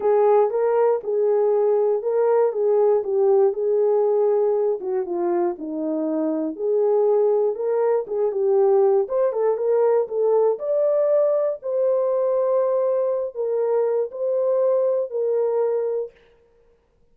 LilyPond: \new Staff \with { instrumentName = "horn" } { \time 4/4 \tempo 4 = 119 gis'4 ais'4 gis'2 | ais'4 gis'4 g'4 gis'4~ | gis'4. fis'8 f'4 dis'4~ | dis'4 gis'2 ais'4 |
gis'8 g'4. c''8 a'8 ais'4 | a'4 d''2 c''4~ | c''2~ c''8 ais'4. | c''2 ais'2 | }